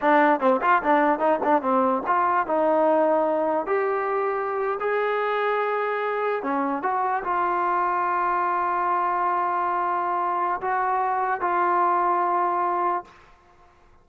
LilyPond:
\new Staff \with { instrumentName = "trombone" } { \time 4/4 \tempo 4 = 147 d'4 c'8 f'8 d'4 dis'8 d'8 | c'4 f'4 dis'2~ | dis'4 g'2~ g'8. gis'16~ | gis'2.~ gis'8. cis'16~ |
cis'8. fis'4 f'2~ f'16~ | f'1~ | f'2 fis'2 | f'1 | }